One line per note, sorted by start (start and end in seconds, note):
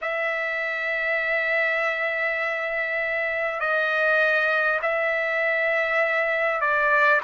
0.01 3.59 E5
3.59 4.79 D#5
4.82 6.60 E5
6.60 7.20 D5